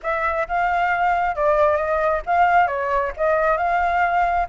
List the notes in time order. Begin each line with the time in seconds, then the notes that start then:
0.02 E5
0.48 F5
1.35 D5
1.76 D#5
2.26 F5
2.67 C#5
3.16 D#5
3.57 F5